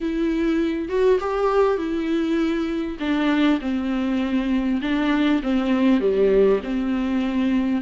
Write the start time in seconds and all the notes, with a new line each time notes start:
0.00 E4
0.88 F#4
1.19 G4
1.77 E4
2.99 D4
3.60 C4
4.81 D4
5.42 C4
6.00 G3
6.63 C4